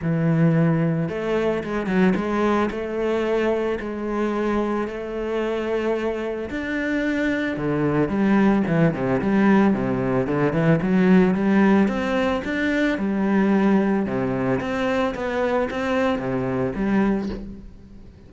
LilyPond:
\new Staff \with { instrumentName = "cello" } { \time 4/4 \tempo 4 = 111 e2 a4 gis8 fis8 | gis4 a2 gis4~ | gis4 a2. | d'2 d4 g4 |
e8 c8 g4 c4 d8 e8 | fis4 g4 c'4 d'4 | g2 c4 c'4 | b4 c'4 c4 g4 | }